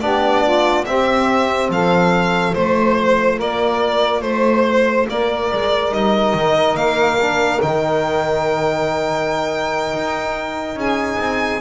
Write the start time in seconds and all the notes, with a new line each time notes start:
0.00 B3 D4 G4 D5
0.44 F4
0.85 C4 G4 E5
1.69 F3 A4 F5
2.54 A3 F4 C5
3.36 A#3 A#4 D5
4.21 A3 C5
5.09 A#3 A#4 D5
5.52 G#3
5.91 G3 D#4 D#5
6.34 D#3
6.74 A#3 F5
7.19 D4
7.61 D#3 D#4 G5
9.93 D#4
10.75 C#4 G#4 G#5
11.18 C4